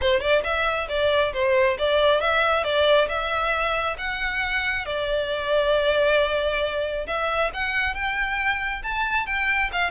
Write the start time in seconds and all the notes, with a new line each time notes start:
0.01 C5
0.20 D5
0.43 E5
0.88 D5
1.33 C5
1.78 D5
2.20 E5
2.64 D5
3.08 E5
3.98 F#5
4.85 D5
7.06 E5
7.53 F#5
7.94 G5
8.83 A5
9.26 G5
9.72 F5